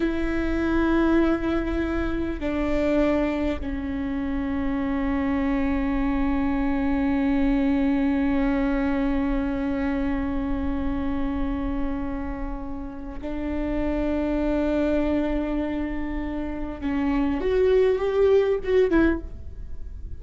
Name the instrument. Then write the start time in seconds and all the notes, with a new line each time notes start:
viola
0.00 E4
2.39 D4
3.60 C#4
13.21 D4
16.81 C#4
17.40 F#4
17.98 G4
18.63 F#4
18.90 E4